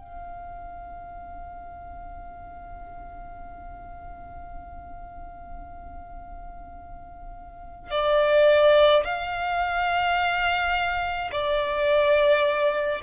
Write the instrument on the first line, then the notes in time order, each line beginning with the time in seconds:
violin
0.00 F5
7.91 D5
9.05 F5
11.32 D5